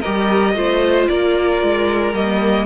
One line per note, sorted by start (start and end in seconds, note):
0.00 0.54 G4
0.00 0.53 A#4
0.00 1.07 D#5
0.06 0.55 G3
0.54 1.08 A3
0.54 2.13 F4
0.54 1.09 C5
1.07 1.62 A#3
1.07 2.65 A#4
1.07 2.14 D5
1.62 2.12 G#3
2.12 2.65 G3
2.12 2.65 A#3
2.12 2.65 D#5